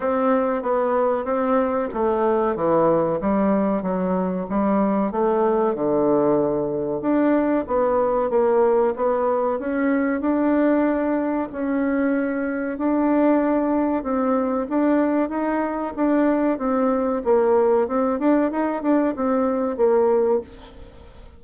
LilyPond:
\new Staff \with { instrumentName = "bassoon" } { \time 4/4 \tempo 4 = 94 c'4 b4 c'4 a4 | e4 g4 fis4 g4 | a4 d2 d'4 | b4 ais4 b4 cis'4 |
d'2 cis'2 | d'2 c'4 d'4 | dis'4 d'4 c'4 ais4 | c'8 d'8 dis'8 d'8 c'4 ais4 | }